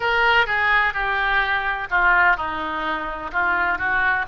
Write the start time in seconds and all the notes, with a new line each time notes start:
0.00 A#4
0.46 G#4
0.93 G4
1.90 F4
2.36 D#4
3.32 F4
3.78 F#4